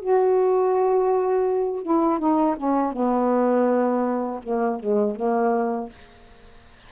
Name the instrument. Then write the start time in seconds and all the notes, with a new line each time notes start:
saxophone
0.00 F#4
1.83 E4
2.19 D#4
2.57 C#4
2.93 B3
4.43 A#3
4.80 G#3
5.16 A#3